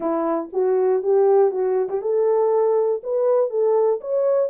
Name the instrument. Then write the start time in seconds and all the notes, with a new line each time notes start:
horn
0.00 E4
0.53 F#4
1.02 G4
1.51 F#4
1.89 G4
2.01 A4
3.03 B4
3.50 A4
4.00 C#5